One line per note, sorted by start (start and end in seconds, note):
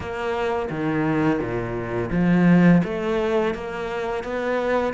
0.00 0.69 A#3
0.70 1.39 D#3
1.39 2.10 A#2
2.11 2.81 F3
2.84 3.54 A3
3.54 4.23 A#3
4.23 4.93 B3